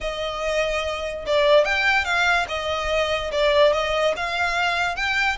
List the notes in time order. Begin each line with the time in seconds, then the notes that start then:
0.01 D#5
1.26 D5
1.64 G5
2.04 F5
2.48 D#5
3.31 D5
3.73 D#5
4.16 F5
4.95 G5